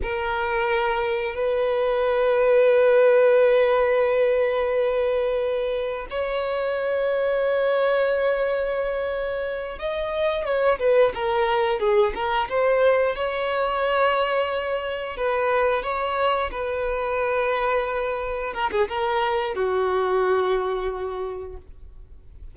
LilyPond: \new Staff \with { instrumentName = "violin" } { \time 4/4 \tempo 4 = 89 ais'2 b'2~ | b'1~ | b'4 cis''2.~ | cis''2~ cis''8 dis''4 cis''8 |
b'8 ais'4 gis'8 ais'8 c''4 cis''8~ | cis''2~ cis''8 b'4 cis''8~ | cis''8 b'2. ais'16 gis'16 | ais'4 fis'2. | }